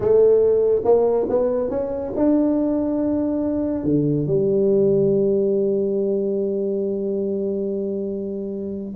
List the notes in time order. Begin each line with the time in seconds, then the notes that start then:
0.00 A3
0.84 A#3
1.29 B3
1.70 C#4
2.15 D4
3.84 D3
4.26 G3